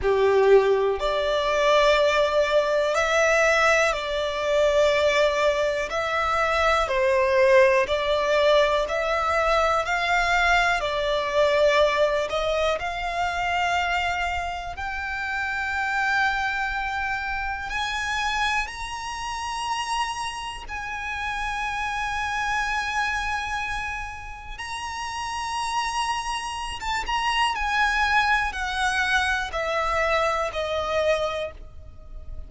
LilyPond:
\new Staff \with { instrumentName = "violin" } { \time 4/4 \tempo 4 = 61 g'4 d''2 e''4 | d''2 e''4 c''4 | d''4 e''4 f''4 d''4~ | d''8 dis''8 f''2 g''4~ |
g''2 gis''4 ais''4~ | ais''4 gis''2.~ | gis''4 ais''2~ ais''16 a''16 ais''8 | gis''4 fis''4 e''4 dis''4 | }